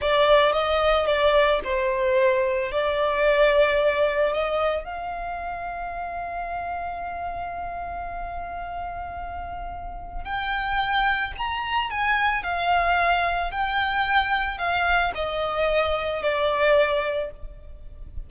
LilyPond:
\new Staff \with { instrumentName = "violin" } { \time 4/4 \tempo 4 = 111 d''4 dis''4 d''4 c''4~ | c''4 d''2. | dis''4 f''2.~ | f''1~ |
f''2. g''4~ | g''4 ais''4 gis''4 f''4~ | f''4 g''2 f''4 | dis''2 d''2 | }